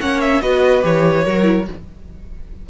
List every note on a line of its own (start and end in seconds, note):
0.00 0.42 A#3
0.00 0.42 C#4
0.00 0.42 C#5
0.00 0.21 F#5
0.21 0.41 E5
0.41 0.84 B3
0.41 0.82 F#4
0.41 1.24 B4
0.41 0.84 D#5
0.82 1.25 E3
0.82 1.24 G4
0.82 1.69 C#5
1.24 1.68 F#3
1.24 1.43 F#4
1.24 1.66 A#4
1.43 1.64 E4